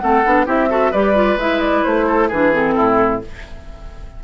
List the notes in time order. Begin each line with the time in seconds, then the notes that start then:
0.00 A3 C4 A4 F#5
0.25 B3 D4
0.46 C4 E4 G4 E5
0.70 F#4 A4
0.92 G3 G4 B4 D5
1.15 F4
1.37 G#3 E4 E5
1.61 D5
1.84 A3 C5
2.07 A4
2.29 E3 D4 G#4 B4
2.53 C4 A4
2.76 A2 E4